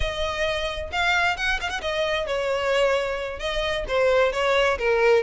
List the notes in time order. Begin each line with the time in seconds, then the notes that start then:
0.00 D#5
0.92 F5
1.37 F#5
1.60 F5
1.69 F#5
1.81 D#5
2.26 C#5
3.39 D#5
3.88 C5
4.32 C#5
4.78 A#4